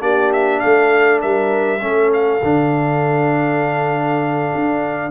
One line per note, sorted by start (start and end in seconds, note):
0.00 0.61 A#3
0.00 1.80 D4
0.00 0.61 G4
0.00 0.32 D5
0.33 0.60 E5
0.60 1.24 A3
0.60 1.21 A4
0.60 1.20 F5
1.21 1.83 G3
1.21 1.81 A#4
1.21 2.12 E5
1.81 2.43 A3
1.81 2.41 C#4
1.81 5.11 A4
2.13 5.11 F5
2.43 4.53 D3
2.43 5.11 D4
4.55 5.11 D4